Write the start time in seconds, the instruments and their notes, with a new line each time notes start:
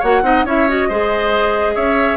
0.00 bassoon A#3, clarinet F#4, oboe C#5, flute F#5
0.23 bassoon C4, clarinet D#4, oboe D#5
0.45 bassoon C#4, clarinet E4, oboe C#5, flute E5
0.69 clarinet F#4, flute D#5
0.89 bassoon G#3, clarinet G#4, oboe C5
1.76 bassoon C#4, oboe C#5, flute E5